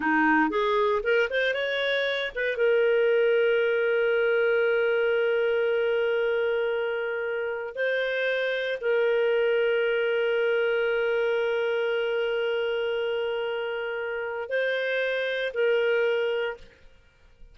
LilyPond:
\new Staff \with { instrumentName = "clarinet" } { \time 4/4 \tempo 4 = 116 dis'4 gis'4 ais'8 c''8 cis''4~ | cis''8 b'8 ais'2.~ | ais'1~ | ais'2. c''4~ |
c''4 ais'2.~ | ais'1~ | ais'1 | c''2 ais'2 | }